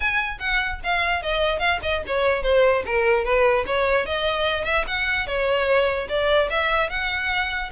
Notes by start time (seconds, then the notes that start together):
0.00 G#5
0.39 F#5
0.83 F5
1.22 D#5
1.59 F5
1.82 D#5
2.06 C#5
2.42 C5
2.86 A#4
3.24 B4
3.66 C#5
4.05 D#5
4.64 E5
4.87 F#5
5.26 C#5
6.08 D5
6.50 E5
6.89 F#5